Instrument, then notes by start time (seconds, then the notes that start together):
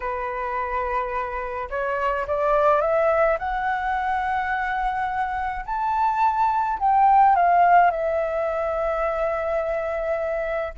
flute
0.00 B4
1.70 C#5
2.27 D5
2.81 E5
3.38 F#5
5.65 A5
6.79 G5
7.35 F5
7.91 E5